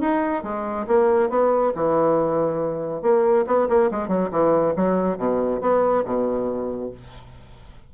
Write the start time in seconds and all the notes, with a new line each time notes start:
0.00 D#4
0.43 G#3
0.87 A#3
1.29 B3
1.75 E3
3.02 A#3
3.46 B3
3.69 A#3
3.91 G#3
4.08 F#3
4.31 E3
4.76 F#3
5.17 B2
5.61 B3
6.05 B2